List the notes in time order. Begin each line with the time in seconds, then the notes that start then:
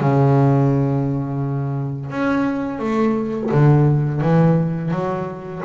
0.00 C#3
2.10 C#4
2.79 A3
3.51 D3
4.21 E3
4.91 F#3